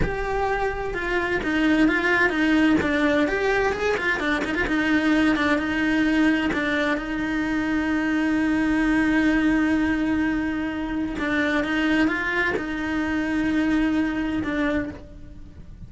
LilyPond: \new Staff \with { instrumentName = "cello" } { \time 4/4 \tempo 4 = 129 g'2 f'4 dis'4 | f'4 dis'4 d'4 g'4 | gis'8 f'8 d'8 dis'16 f'16 dis'4. d'8 | dis'2 d'4 dis'4~ |
dis'1~ | dis'1 | d'4 dis'4 f'4 dis'4~ | dis'2. d'4 | }